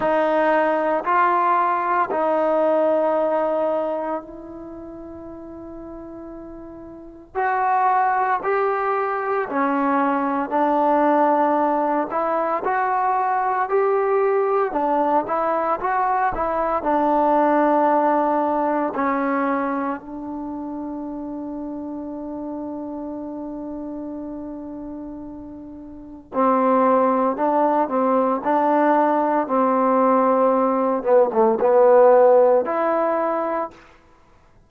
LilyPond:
\new Staff \with { instrumentName = "trombone" } { \time 4/4 \tempo 4 = 57 dis'4 f'4 dis'2 | e'2. fis'4 | g'4 cis'4 d'4. e'8 | fis'4 g'4 d'8 e'8 fis'8 e'8 |
d'2 cis'4 d'4~ | d'1~ | d'4 c'4 d'8 c'8 d'4 | c'4. b16 a16 b4 e'4 | }